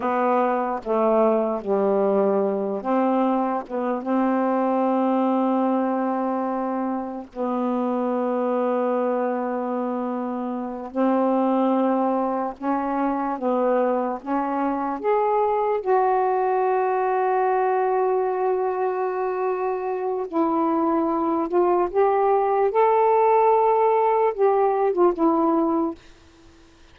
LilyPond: \new Staff \with { instrumentName = "saxophone" } { \time 4/4 \tempo 4 = 74 b4 a4 g4. c'8~ | c'8 b8 c'2.~ | c'4 b2.~ | b4. c'2 cis'8~ |
cis'8 b4 cis'4 gis'4 fis'8~ | fis'1~ | fis'4 e'4. f'8 g'4 | a'2 g'8. f'16 e'4 | }